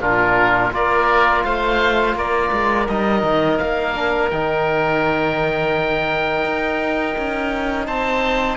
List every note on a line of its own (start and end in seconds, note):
0.00 0.71 A#2
0.00 0.72 D4
0.00 0.72 F4
0.00 0.73 A#4
0.72 1.44 A#3
0.72 2.86 F4
0.72 1.45 A#4
0.72 1.43 D5
1.43 2.14 A3
1.43 2.17 C5
1.43 2.15 F5
2.14 2.50 A#3
2.14 7.86 A#4
2.14 2.88 D5
2.52 2.88 G#3
2.88 3.23 G3
2.88 3.95 D#4
2.88 3.58 D#5
3.23 3.58 D#3
3.58 4.32 A#3
3.58 4.30 F5
3.95 4.31 D4
4.30 6.44 D#3
4.30 8.57 D#4
4.30 7.87 G5
6.44 7.15 D#4
7.18 7.88 C#4
7.86 8.57 C4
7.86 8.57 C5
7.86 8.57 A5